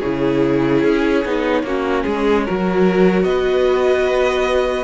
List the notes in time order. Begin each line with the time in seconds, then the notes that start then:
0.00 C#3 E4 G#4 C#5
0.84 C#4
1.25 B3 D#4
1.64 A#3 C#4 F#4
2.04 G#3 G#4
2.45 F#3 F#4 A#4
3.24 B3 B4 D#5